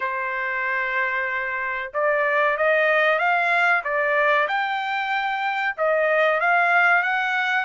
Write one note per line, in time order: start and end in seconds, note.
0.00 1.91 C5
1.93 2.57 D5
2.57 3.19 D#5
3.19 3.82 F5
3.84 4.47 D5
4.48 5.75 G5
5.77 6.40 D#5
6.40 7.02 F5
7.02 7.64 F#5